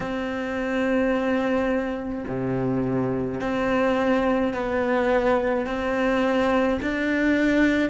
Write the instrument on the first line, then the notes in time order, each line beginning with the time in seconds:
cello
0.00 C4
2.27 C3
3.40 C4
4.53 B3
5.66 C4
6.82 D4